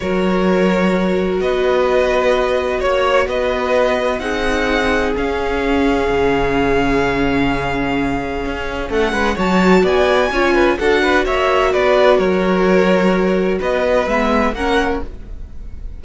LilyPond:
<<
  \new Staff \with { instrumentName = "violin" } { \time 4/4 \tempo 4 = 128 cis''2. dis''4~ | dis''2 cis''4 dis''4~ | dis''4 fis''2 f''4~ | f''1~ |
f''2. fis''4 | a''4 gis''2 fis''4 | e''4 d''4 cis''2~ | cis''4 dis''4 e''4 fis''4 | }
  \new Staff \with { instrumentName = "violin" } { \time 4/4 ais'2. b'4~ | b'2 cis''4 b'4~ | b'4 gis'2.~ | gis'1~ |
gis'2. a'8 b'8 | cis''4 d''4 cis''8 b'8 a'8 b'8 | cis''4 b'4 ais'2~ | ais'4 b'2 ais'4 | }
  \new Staff \with { instrumentName = "viola" } { \time 4/4 fis'1~ | fis'1~ | fis'4 dis'2 cis'4~ | cis'1~ |
cis'1 | fis'2 f'4 fis'4~ | fis'1~ | fis'2 b4 cis'4 | }
  \new Staff \with { instrumentName = "cello" } { \time 4/4 fis2. b4~ | b2 ais4 b4~ | b4 c'2 cis'4~ | cis'4 cis2.~ |
cis2 cis'4 a8 gis8 | fis4 b4 cis'4 d'4 | ais4 b4 fis2~ | fis4 b4 gis4 ais4 | }
>>